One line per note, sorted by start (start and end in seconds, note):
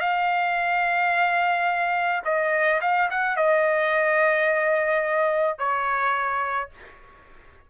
0.00 2.22 F5
2.25 2.81 D#5
2.81 3.09 F5
3.11 3.37 F#5
3.37 5.59 D#5
5.59 6.70 C#5